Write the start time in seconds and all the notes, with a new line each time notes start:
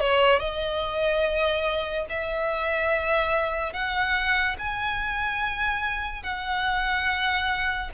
0.00 C#5
0.39 D#5
2.09 E5
3.73 F#5
4.58 G#5
6.23 F#5